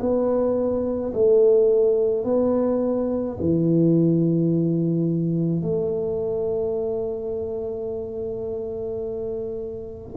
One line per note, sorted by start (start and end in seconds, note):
0.00 1.13 B3
1.14 2.25 A3
2.25 3.38 B3
3.41 5.63 E3
5.63 10.16 A3